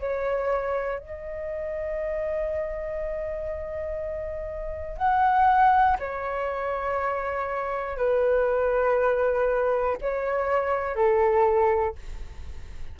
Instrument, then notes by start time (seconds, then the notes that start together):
flute
0.00 C#5
0.99 D#5
4.98 F#5
6.00 C#5
7.97 B4
10.01 C#5
10.95 A4